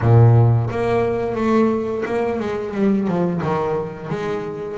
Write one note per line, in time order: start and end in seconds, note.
0.01 0.69 A#2
0.70 1.35 A#3
1.35 2.03 A3
2.05 2.39 A#3
2.39 2.73 G#3
2.73 3.07 G3
3.07 3.41 F3
3.42 4.09 D#3
4.09 4.77 G#3